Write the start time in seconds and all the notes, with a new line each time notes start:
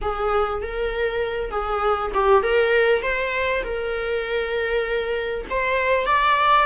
0.01 G#4
0.62 A#4
1.50 G#4
2.13 G4
2.42 A#4
3.02 C5
3.63 A#4
5.50 C5
6.06 D5